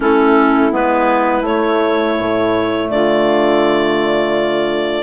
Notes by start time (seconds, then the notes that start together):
0.00 A3 C#4 E4 A4
0.71 G#3 B3 B4
1.41 A3 C#5
2.18 A2
2.89 D3 F4 D5